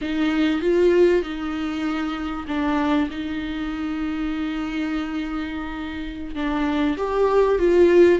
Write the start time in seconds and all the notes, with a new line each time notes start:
0.01 D#4
0.61 F4
1.22 D#4
2.47 D4
3.10 D#4
6.35 D4
6.97 G4
7.58 F4